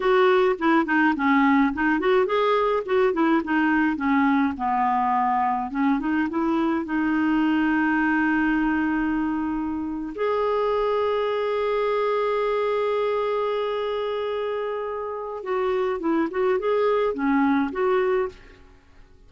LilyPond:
\new Staff \with { instrumentName = "clarinet" } { \time 4/4 \tempo 4 = 105 fis'4 e'8 dis'8 cis'4 dis'8 fis'8 | gis'4 fis'8 e'8 dis'4 cis'4 | b2 cis'8 dis'8 e'4 | dis'1~ |
dis'4.~ dis'16 gis'2~ gis'16~ | gis'1~ | gis'2. fis'4 | e'8 fis'8 gis'4 cis'4 fis'4 | }